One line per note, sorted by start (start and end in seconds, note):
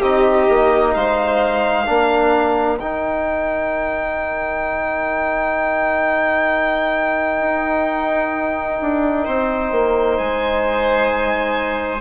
0.00 0.48 C4
0.00 1.86 D#4
0.00 0.92 G4
0.00 0.94 D#5
0.49 0.95 A#3
0.94 1.88 G#3
0.94 1.89 C5
0.94 2.79 F5
1.86 2.80 A#3
1.86 2.78 D4
1.86 9.25 A#4
2.79 7.41 D#3
2.79 12.01 D#4
2.79 10.17 G5
7.41 8.80 D#4
8.82 9.27 D4
9.25 9.72 C4
9.25 12.01 C5
9.72 10.18 A#3
10.17 12.01 G#3
10.17 12.01 G#5